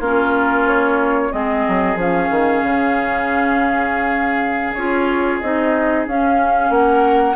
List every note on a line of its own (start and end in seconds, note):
0.00 1.30 A#3
0.00 1.32 C#4
0.00 1.31 F4
0.00 0.67 A#4
0.67 1.32 C#5
1.32 1.65 G#3
1.32 1.97 C4
1.32 6.72 G#4
1.32 1.97 D#5
1.68 1.96 F#3
1.96 2.28 F3
1.96 4.75 C#4
1.96 4.73 F5
2.30 2.62 D#3
2.62 4.74 C#3
4.73 5.41 C#4
4.73 5.43 F4
4.73 5.38 C#5
5.40 6.07 C4
5.40 6.08 D#4
5.40 6.05 D#5
6.07 6.70 C#4
6.07 7.36 C#4
6.07 6.72 F5
6.70 7.35 A#3
6.70 7.36 A#4
6.70 7.36 F#5